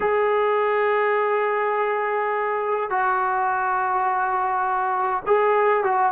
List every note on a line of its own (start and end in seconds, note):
0.00 2.90 G#4
2.90 5.23 F#4
5.26 5.83 G#4
5.83 6.12 F#4